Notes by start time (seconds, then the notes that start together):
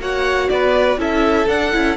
0.00 A#3 F#4 C#5 F#5
0.49 B3 B4 D5
0.98 C#4 E4 A4 E5
1.47 D4 F#5
1.72 C#4 E4